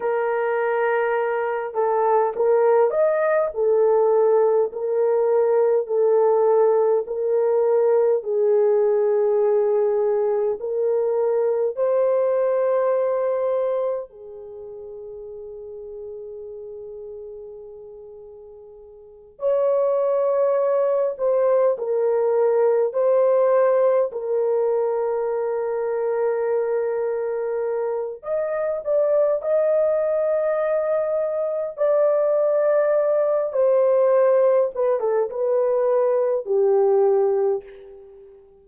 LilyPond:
\new Staff \with { instrumentName = "horn" } { \time 4/4 \tempo 4 = 51 ais'4. a'8 ais'8 dis''8 a'4 | ais'4 a'4 ais'4 gis'4~ | gis'4 ais'4 c''2 | gis'1~ |
gis'8 cis''4. c''8 ais'4 c''8~ | c''8 ais'2.~ ais'8 | dis''8 d''8 dis''2 d''4~ | d''8 c''4 b'16 a'16 b'4 g'4 | }